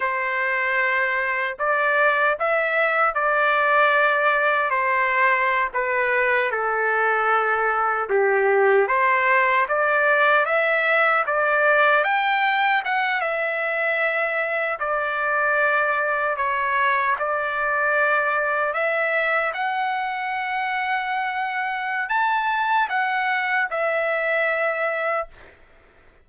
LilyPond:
\new Staff \with { instrumentName = "trumpet" } { \time 4/4 \tempo 4 = 76 c''2 d''4 e''4 | d''2 c''4~ c''16 b'8.~ | b'16 a'2 g'4 c''8.~ | c''16 d''4 e''4 d''4 g''8.~ |
g''16 fis''8 e''2 d''4~ d''16~ | d''8. cis''4 d''2 e''16~ | e''8. fis''2.~ fis''16 | a''4 fis''4 e''2 | }